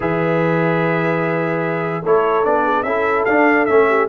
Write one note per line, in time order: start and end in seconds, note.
0.00 2.02 E3
0.00 2.02 G#4
0.00 2.03 B4
0.00 2.05 E5
2.03 2.45 A3
2.03 2.43 E4
2.03 2.64 A4
2.03 2.44 C#5
2.43 2.83 B3
2.43 2.84 D4
2.43 2.82 D5
2.64 2.84 G#4
2.82 3.24 C#4
2.82 3.27 E4
2.82 3.88 A4
2.82 3.23 E5
3.24 3.67 D4
3.24 3.68 D4
3.24 3.65 F5
3.65 4.08 A3
3.65 4.08 C#4
3.65 4.06 E5
3.88 4.08 G4